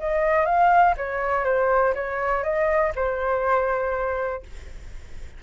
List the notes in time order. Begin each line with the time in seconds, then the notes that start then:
0.00 D#5
0.46 F5
0.97 C#5
1.45 C5
1.95 C#5
2.44 D#5
2.96 C5